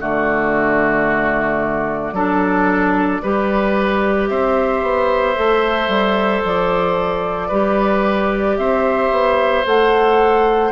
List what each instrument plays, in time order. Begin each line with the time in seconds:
0.00 bassoon D3, clarinet A3, oboe F#4, flute D5
2.13 bassoon F#3, clarinet D4, oboe A4
3.23 bassoon G3, clarinet G4, oboe B4
4.28 bassoon C4, oboe C5, flute E5
4.83 bassoon B3
5.36 bassoon A3, clarinet A4
5.89 bassoon G3
6.45 bassoon F3, flute D5
7.48 bassoon G3, clarinet G4, oboe B4
8.58 bassoon C4, oboe C5, flute E5
9.11 bassoon B3
9.66 bassoon A3, clarinet A4, flute F#5